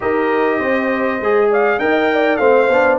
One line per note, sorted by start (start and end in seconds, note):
0.00 0.60 D#4
0.00 1.19 G4
0.00 0.59 A#4
0.00 1.51 D#5
0.59 1.20 C4
0.59 1.49 C5
1.20 1.78 G#3
1.20 1.79 G#4
1.50 1.80 D5
1.50 1.79 F5
1.78 2.38 D#4
1.78 2.38 A#4
1.78 2.12 D#5
1.78 2.36 G5
2.12 2.40 D5
2.36 2.68 A3
2.36 2.68 C4
2.36 2.98 C5
2.36 2.96 F5
2.68 2.98 B3
2.68 2.98 D4